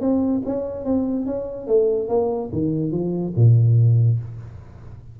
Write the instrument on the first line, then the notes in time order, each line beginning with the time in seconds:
tuba
0.00 C4
0.45 C#4
0.84 C4
1.26 C#4
1.67 A3
2.08 A#3
2.52 D#3
2.91 F3
3.36 A#2